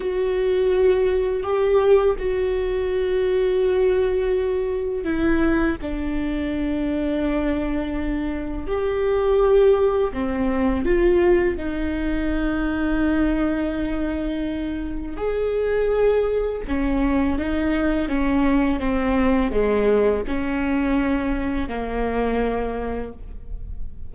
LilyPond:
\new Staff \with { instrumentName = "viola" } { \time 4/4 \tempo 4 = 83 fis'2 g'4 fis'4~ | fis'2. e'4 | d'1 | g'2 c'4 f'4 |
dis'1~ | dis'4 gis'2 cis'4 | dis'4 cis'4 c'4 gis4 | cis'2 ais2 | }